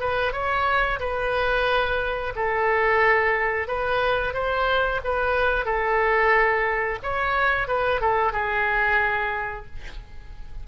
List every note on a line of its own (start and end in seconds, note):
0.00 0.33 B4
0.33 0.99 C#5
1.00 2.33 B4
2.36 3.68 A4
3.68 4.34 B4
4.34 5.00 C5
5.04 5.65 B4
5.65 6.99 A4
7.03 7.68 C#5
7.68 8.01 B4
8.01 8.33 A4
8.33 9.66 G#4